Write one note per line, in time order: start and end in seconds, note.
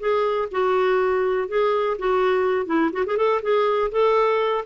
0.00 0.49 G#4
0.51 1.48 F#4
1.48 1.97 G#4
1.99 2.67 F#4
2.67 2.91 E4
2.93 3.05 F#4
3.06 3.17 G#4
3.17 3.41 A4
3.42 3.91 G#4
3.92 4.65 A4